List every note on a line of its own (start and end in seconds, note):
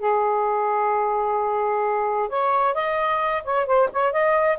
0.00 2.29 G#4
2.29 2.74 C#5
2.74 3.43 D#5
3.44 3.67 C#5
3.67 3.90 C5
3.93 4.13 C#5
4.13 4.59 D#5